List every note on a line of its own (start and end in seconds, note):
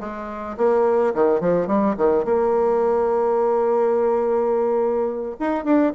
0.00 0.57 G#3
0.57 1.14 A#3
1.14 1.40 D#3
1.40 1.67 F3
1.67 1.96 G3
1.97 2.25 D#3
2.25 5.36 A#3
5.40 5.64 D#4
5.64 5.93 D4